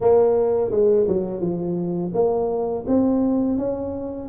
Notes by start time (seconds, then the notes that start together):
0.01 A#3
0.70 G#3
1.07 F#3
1.40 F3
2.14 A#3
2.87 C4
3.58 C#4